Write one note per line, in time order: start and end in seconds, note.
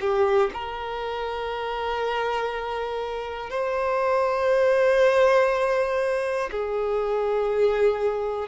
0.00 0.50 G4
0.53 3.50 A#4
3.50 6.50 C5
6.51 8.48 G#4